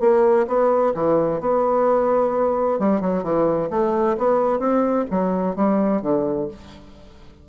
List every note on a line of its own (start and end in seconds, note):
0.00 0.46 A#3
0.47 0.93 B3
0.94 1.41 E3
1.41 2.79 B3
2.79 3.01 G3
3.01 3.23 F#3
3.23 3.69 E3
3.70 4.16 A3
4.17 4.59 B3
4.59 5.05 C4
5.10 5.56 F#3
5.56 6.02 G3
6.02 6.48 D3